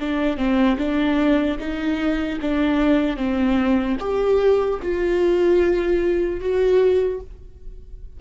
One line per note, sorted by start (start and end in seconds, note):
0.00 0.37 D4
0.37 0.77 C4
0.78 1.58 D4
1.60 2.40 D#4
2.41 3.17 D4
3.17 3.97 C4
4.00 4.80 G4
4.82 6.40 F4
6.40 7.20 F#4